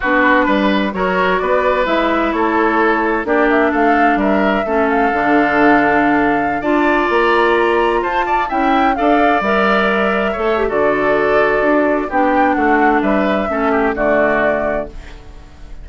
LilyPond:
<<
  \new Staff \with { instrumentName = "flute" } { \time 4/4 \tempo 4 = 129 b'2 cis''4 d''4 | e''4 cis''2 d''8 e''8 | f''4 e''4. f''4.~ | f''2~ f''16 a''4 ais''8.~ |
ais''4~ ais''16 a''4 g''4 f''8.~ | f''16 e''2~ e''8. d''4~ | d''2 g''4 fis''4 | e''2 d''2 | }
  \new Staff \with { instrumentName = "oboe" } { \time 4/4 fis'4 b'4 ais'4 b'4~ | b'4 a'2 g'4 | a'4 ais'4 a'2~ | a'2~ a'16 d''4.~ d''16~ |
d''4~ d''16 c''8 d''8 e''4 d''8.~ | d''2~ d''16 cis''8. a'4~ | a'2 g'4 fis'4 | b'4 a'8 g'8 fis'2 | }
  \new Staff \with { instrumentName = "clarinet" } { \time 4/4 d'2 fis'2 | e'2. d'4~ | d'2 cis'4 d'4~ | d'2~ d'16 f'4.~ f'16~ |
f'2~ f'16 e'4 a'8.~ | a'16 ais'2 a'8 g'16 fis'4~ | fis'2 d'2~ | d'4 cis'4 a2 | }
  \new Staff \with { instrumentName = "bassoon" } { \time 4/4 b4 g4 fis4 b4 | gis4 a2 ais4 | a4 g4 a4 d4~ | d2~ d16 d'4 ais8.~ |
ais4~ ais16 f'4 cis'4 d'8.~ | d'16 g2 a8. d4~ | d4 d'4 b4 a4 | g4 a4 d2 | }
>>